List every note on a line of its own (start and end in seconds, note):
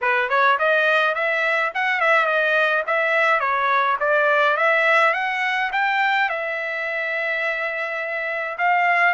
0.01 0.29 B4
0.29 0.57 C#5
0.58 1.14 D#5
1.14 1.71 E5
1.74 2.00 F#5
2.00 2.26 E5
2.26 2.83 D#5
2.86 3.39 E5
3.39 3.97 C#5
4.00 4.56 D5
4.56 5.13 E5
5.13 5.70 F#5
5.72 6.29 G5
6.29 8.57 E5
8.58 9.14 F5